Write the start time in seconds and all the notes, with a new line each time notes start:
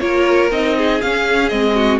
0.00 A#3 F4 A#4 C#5
0.51 C4 D#4 D#5
0.77 G#4
1.01 C#4 F5
1.48 G#3 C4 D#5
1.76 F#4